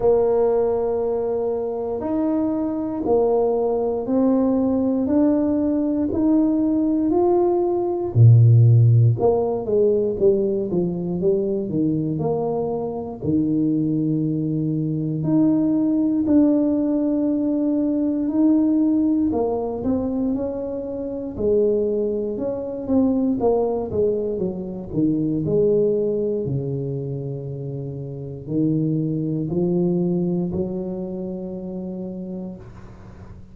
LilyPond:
\new Staff \with { instrumentName = "tuba" } { \time 4/4 \tempo 4 = 59 ais2 dis'4 ais4 | c'4 d'4 dis'4 f'4 | ais,4 ais8 gis8 g8 f8 g8 dis8 | ais4 dis2 dis'4 |
d'2 dis'4 ais8 c'8 | cis'4 gis4 cis'8 c'8 ais8 gis8 | fis8 dis8 gis4 cis2 | dis4 f4 fis2 | }